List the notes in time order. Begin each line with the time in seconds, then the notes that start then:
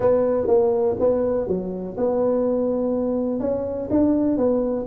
0.00 B3
0.47 A#3
0.99 B3
1.47 F#3
1.97 B3
3.40 C#4
3.90 D4
4.37 B3